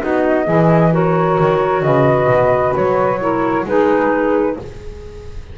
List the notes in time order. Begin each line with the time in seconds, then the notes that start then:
0.00 B3 D#4 F#4 D#5
0.45 E3 E4 G#4
0.92 F#4 A#4 C#5
1.40 D#3
1.83 C#3 B4 D#5
2.27 B2
2.76 F#3 C#5
3.20 E4 A#4
3.66 G#3 D#4 G#4 B4